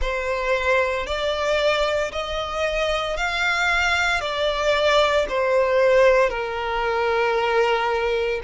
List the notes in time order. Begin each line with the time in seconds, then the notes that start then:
0.00 C5
1.06 D5
2.11 D#5
3.16 F5
4.21 D5
5.29 C5
6.29 A#4